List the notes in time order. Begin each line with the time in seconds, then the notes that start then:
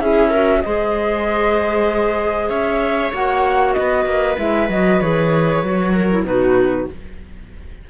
0.00 C#4 E4 G#4 E5
0.29 F#4 A#4
0.62 G#3 G#4 C5 D#5
2.49 C#4 C#5 E5
3.13 A#3 F#4 F#5
3.73 B3 B4 D#5
4.06 A#3
4.37 G#3 E4 E5
4.69 F#3 F#4 D#5
5.00 E3 G#4 C#5
5.63 F#3 F#4
5.94 A#4
6.11 E4
6.23 B2 D#4 F#4 B4